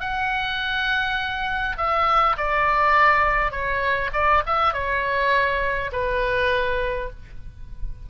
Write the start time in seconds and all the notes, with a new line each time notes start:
0.00 F#5
1.78 E5
2.37 D5
3.51 C#5
4.13 D5
4.46 E5
4.73 C#5
5.92 B4